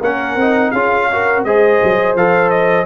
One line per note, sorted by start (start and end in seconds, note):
0.00 0.36 A#3
0.00 0.40 C#4
0.00 0.71 A#4
0.00 0.71 F#5
0.36 0.71 C4
0.36 0.76 D#4
0.71 1.44 C#4
0.71 1.11 F4
0.71 1.08 G#4
0.71 1.43 F5
1.12 1.46 F#4
1.12 1.46 A#4
1.44 1.80 G#3
1.44 2.18 G#4
1.44 2.86 C5
1.44 2.16 D#5
1.84 2.15 F#3
2.15 2.86 F3
2.15 2.86 A4
2.15 2.50 F5
2.50 2.86 D#5